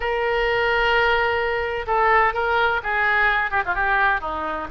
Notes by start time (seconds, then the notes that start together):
0.00 A#4
1.86 A4
2.33 A#4
2.83 G#4
3.50 G4
3.65 F4
3.75 G4
4.20 D#4